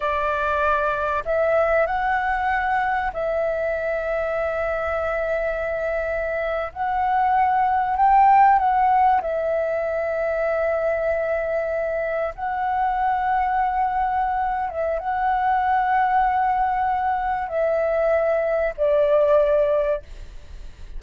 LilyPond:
\new Staff \with { instrumentName = "flute" } { \time 4/4 \tempo 4 = 96 d''2 e''4 fis''4~ | fis''4 e''2.~ | e''2~ e''8. fis''4~ fis''16~ | fis''8. g''4 fis''4 e''4~ e''16~ |
e''2.~ e''8. fis''16~ | fis''2.~ fis''8 e''8 | fis''1 | e''2 d''2 | }